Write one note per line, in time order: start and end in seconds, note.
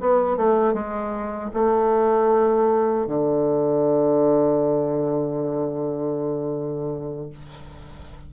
0.00 0.37 B3
0.37 0.73 A3
0.73 1.50 G#3
1.53 3.07 A3
3.07 7.30 D3